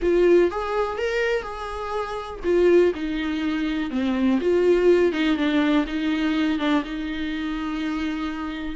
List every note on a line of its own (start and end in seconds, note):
0.02 0.50 F4
0.50 0.97 G#4
0.97 1.42 A#4
1.42 2.40 G#4
2.43 2.92 F4
2.94 3.90 D#4
3.90 4.39 C4
4.40 5.12 F4
5.12 5.36 D#4
5.36 5.85 D4
5.86 6.58 D#4
6.58 6.83 D4
6.84 8.76 D#4